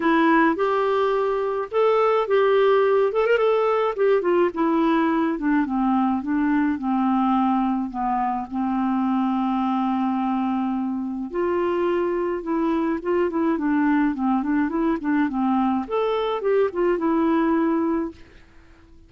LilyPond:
\new Staff \with { instrumentName = "clarinet" } { \time 4/4 \tempo 4 = 106 e'4 g'2 a'4 | g'4. a'16 ais'16 a'4 g'8 f'8 | e'4. d'8 c'4 d'4 | c'2 b4 c'4~ |
c'1 | f'2 e'4 f'8 e'8 | d'4 c'8 d'8 e'8 d'8 c'4 | a'4 g'8 f'8 e'2 | }